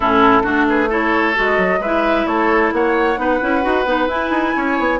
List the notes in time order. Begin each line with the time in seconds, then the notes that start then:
0.00 A2 C#4 E4 A4
0.43 A3 D4 F#4
0.68 G#4 B4
0.89 E4 A4 C#5
1.34 G#3 F#4
1.41 D#5
1.57 F#3
1.79 G#3 E4 B4 E5
2.26 A3 A4 C#5
2.72 A#3 C#5 F#5
3.16 B3 D#4 B4
3.40 C#4 E4
3.61 D#4 F#4
3.85 B3 D#4
4.07 E4 G#5
4.30 D#4
4.56 C#4 C#5
4.78 B3